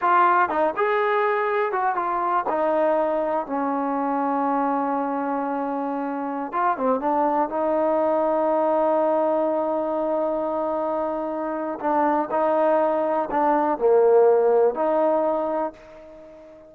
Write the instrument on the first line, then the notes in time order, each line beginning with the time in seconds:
trombone
0.01 F4
0.49 D#4
0.76 G#4
1.72 F#4
1.95 F4
2.49 D#4
3.46 C#4
6.52 F4
6.77 C4
7.00 D4
7.49 D#4
11.80 D4
12.30 D#4
13.30 D4
13.78 A#3
14.75 D#4